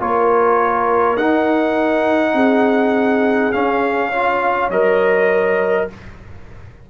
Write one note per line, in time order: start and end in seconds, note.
0.00 1.17 A#3
0.00 1.18 F4
0.00 2.34 A#4
0.00 1.17 C#5
1.17 2.33 D#4
1.17 3.53 D#4
1.17 3.52 F#5
2.33 3.51 C4
2.33 4.09 G#4
3.52 4.12 C#4
3.52 4.70 C#4
3.52 4.70 F5
4.09 4.71 F4
4.09 5.86 C#5
4.70 5.87 F#3
4.70 5.90 A#4
4.70 5.88 D#5